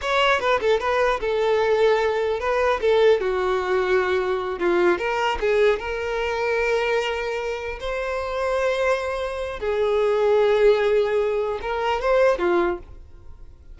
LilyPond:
\new Staff \with { instrumentName = "violin" } { \time 4/4 \tempo 4 = 150 cis''4 b'8 a'8 b'4 a'4~ | a'2 b'4 a'4 | fis'2.~ fis'8 f'8~ | f'8 ais'4 gis'4 ais'4.~ |
ais'2.~ ais'8 c''8~ | c''1 | gis'1~ | gis'4 ais'4 c''4 f'4 | }